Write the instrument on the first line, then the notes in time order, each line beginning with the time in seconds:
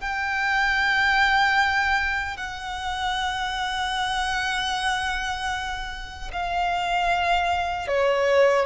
violin
0.00 G5
2.36 F#5
6.32 F5
7.88 C#5